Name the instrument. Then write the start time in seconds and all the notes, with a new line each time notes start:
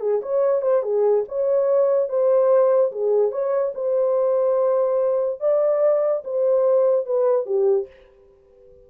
horn
0.00 G#4
0.22 C#5
0.62 C5
0.82 G#4
1.28 C#5
2.08 C5
2.92 G#4
3.31 C#5
3.74 C5
5.40 D5
6.24 C5
7.05 B4
7.45 G4